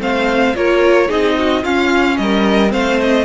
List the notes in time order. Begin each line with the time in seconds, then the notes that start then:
0.00 A3 C4 C5 F5
0.55 A#3 F4 A#4 C#5
1.09 C4 D#4 G#4 D#5
1.39 F#4
1.63 C#4 F4 F5
2.18 G3 A#4 D#5
2.69 A3 C4 C5 F5
3.01 D#5